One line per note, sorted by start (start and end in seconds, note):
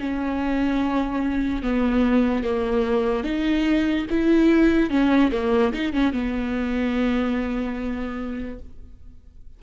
0.00 1.63 C#4
1.63 2.44 B3
2.44 3.24 A#3
3.24 4.06 D#4
4.10 4.91 E4
4.91 5.32 C#4
5.32 5.73 A#3
5.73 5.93 D#4
5.93 6.13 C#4
6.13 8.60 B3